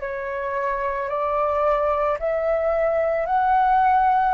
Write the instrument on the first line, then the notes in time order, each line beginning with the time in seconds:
flute
0.00 C#5
1.09 D5
2.19 E5
3.26 F#5